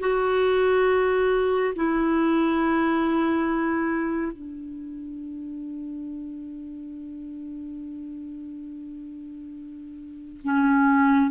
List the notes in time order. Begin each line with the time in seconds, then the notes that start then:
0.00 F#4
1.76 E4
4.32 D4
10.44 C#4